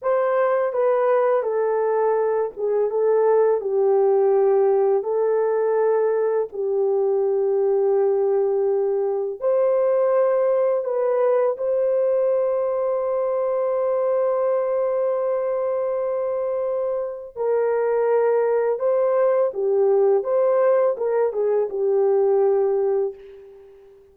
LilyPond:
\new Staff \with { instrumentName = "horn" } { \time 4/4 \tempo 4 = 83 c''4 b'4 a'4. gis'8 | a'4 g'2 a'4~ | a'4 g'2.~ | g'4 c''2 b'4 |
c''1~ | c''1 | ais'2 c''4 g'4 | c''4 ais'8 gis'8 g'2 | }